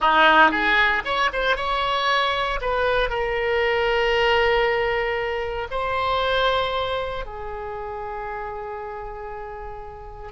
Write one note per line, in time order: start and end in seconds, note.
0.00 0.51 D#4
0.51 1.02 G#4
1.04 1.30 C#5
1.32 1.56 C5
1.56 2.60 C#5
2.61 3.09 B4
3.09 5.68 A#4
5.70 7.25 C5
7.25 10.32 G#4